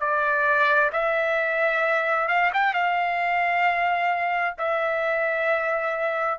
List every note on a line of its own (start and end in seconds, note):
0.00 0.91 D5
0.93 2.28 E5
2.28 2.51 F5
2.53 2.74 G5
2.74 4.55 F5
4.58 6.39 E5